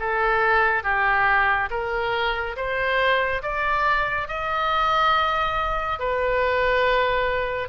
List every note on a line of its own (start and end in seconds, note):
0.00 0.83 A4
0.83 1.69 G4
1.71 2.56 A#4
2.56 3.42 C5
3.42 4.28 D5
4.28 5.99 D#5
5.99 7.69 B4